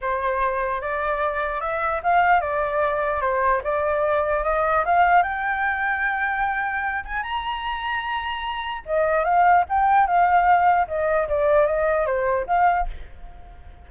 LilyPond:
\new Staff \with { instrumentName = "flute" } { \time 4/4 \tempo 4 = 149 c''2 d''2 | e''4 f''4 d''2 | c''4 d''2 dis''4 | f''4 g''2.~ |
g''4. gis''8 ais''2~ | ais''2 dis''4 f''4 | g''4 f''2 dis''4 | d''4 dis''4 c''4 f''4 | }